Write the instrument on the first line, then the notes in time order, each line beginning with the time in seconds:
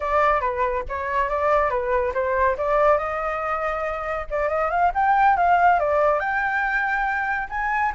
flute
0.00 D5
0.41 B4
0.88 C#5
1.29 D5
1.69 B4
2.14 C5
2.57 D5
2.98 D#5
4.30 D5
4.48 D#5
4.70 F5
4.94 G5
5.36 F5
5.79 D5
6.19 G5
7.49 G#5